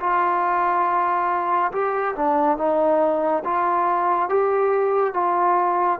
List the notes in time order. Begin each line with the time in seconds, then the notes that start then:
0.00 F4
1.72 G4
2.15 D4
2.58 D#4
3.44 F4
4.29 G4
5.14 F4